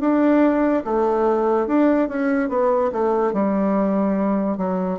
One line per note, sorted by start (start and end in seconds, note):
0.00 0.83 D4
0.84 1.67 A3
1.67 2.08 D4
2.08 2.49 C#4
2.49 2.91 B3
2.92 3.33 A3
3.33 4.57 G3
4.57 4.99 F#3